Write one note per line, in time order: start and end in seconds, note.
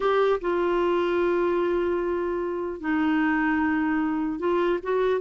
0.00 0.39 G4
0.41 2.80 F4
2.80 4.39 D#4
4.39 4.79 F4
4.82 5.21 F#4